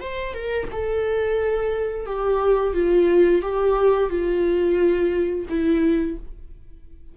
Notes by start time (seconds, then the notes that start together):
0.00 C5
0.34 A#4
0.72 A4
2.06 G4
2.74 F4
3.42 G4
4.10 F4
5.49 E4